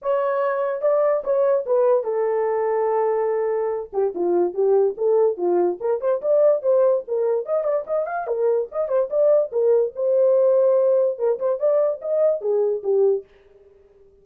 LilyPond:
\new Staff \with { instrumentName = "horn" } { \time 4/4 \tempo 4 = 145 cis''2 d''4 cis''4 | b'4 a'2.~ | a'4. g'8 f'4 g'4 | a'4 f'4 ais'8 c''8 d''4 |
c''4 ais'4 dis''8 d''8 dis''8 f''8 | ais'4 dis''8 c''8 d''4 ais'4 | c''2. ais'8 c''8 | d''4 dis''4 gis'4 g'4 | }